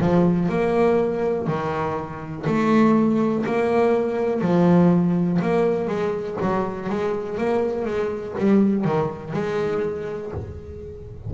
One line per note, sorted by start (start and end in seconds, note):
0.00 0.49 F3
0.49 1.47 A#3
1.47 2.45 D#3
2.46 3.45 A3
3.46 4.41 A#3
4.41 5.40 F3
5.42 5.87 A#3
5.87 6.37 G#3
6.41 6.89 F#3
6.89 7.38 G#3
7.38 7.85 A#3
7.85 8.34 G#3
8.38 8.85 G3
8.85 9.33 D#3
9.33 10.31 G#3